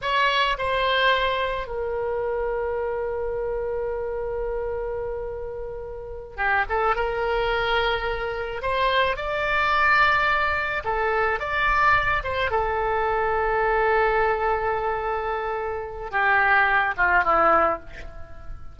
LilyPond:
\new Staff \with { instrumentName = "oboe" } { \time 4/4 \tempo 4 = 108 cis''4 c''2 ais'4~ | ais'1~ | ais'2.~ ais'8 g'8 | a'8 ais'2. c''8~ |
c''8 d''2. a'8~ | a'8 d''4. c''8 a'4.~ | a'1~ | a'4 g'4. f'8 e'4 | }